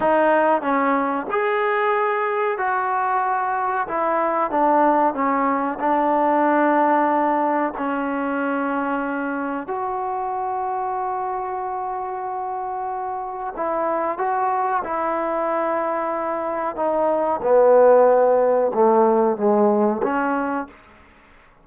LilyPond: \new Staff \with { instrumentName = "trombone" } { \time 4/4 \tempo 4 = 93 dis'4 cis'4 gis'2 | fis'2 e'4 d'4 | cis'4 d'2. | cis'2. fis'4~ |
fis'1~ | fis'4 e'4 fis'4 e'4~ | e'2 dis'4 b4~ | b4 a4 gis4 cis'4 | }